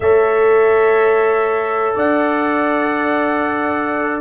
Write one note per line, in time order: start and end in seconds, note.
0.00 1.93 A3
0.00 4.20 A4
0.00 1.95 C#5
0.00 1.95 E5
1.95 4.20 D4
1.95 4.20 D5
1.95 4.20 F#5